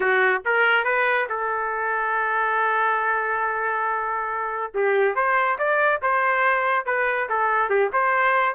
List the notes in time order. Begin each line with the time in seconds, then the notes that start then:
0.00 F#4
0.45 A#4
0.84 B4
1.29 A4
4.74 G4
5.15 C5
5.58 D5
6.02 C5
6.85 B4
7.29 A4
7.69 G4
7.92 C5